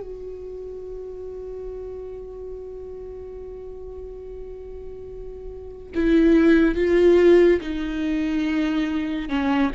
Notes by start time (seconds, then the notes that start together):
0.00 F#4
5.95 E4
6.75 F4
7.61 D#4
9.29 C#4